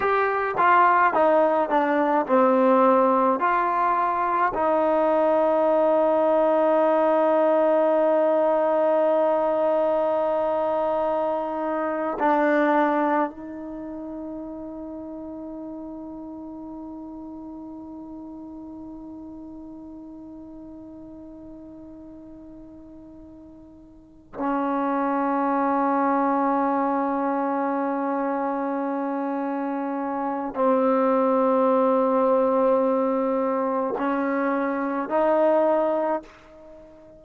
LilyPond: \new Staff \with { instrumentName = "trombone" } { \time 4/4 \tempo 4 = 53 g'8 f'8 dis'8 d'8 c'4 f'4 | dis'1~ | dis'2~ dis'8. d'4 dis'16~ | dis'1~ |
dis'1~ | dis'4. cis'2~ cis'8~ | cis'2. c'4~ | c'2 cis'4 dis'4 | }